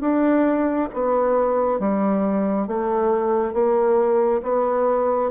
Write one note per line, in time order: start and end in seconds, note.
0.00 0.88 D4
0.93 1.79 B3
1.79 2.67 G3
2.67 3.53 A3
3.53 4.41 A#3
4.42 5.31 B3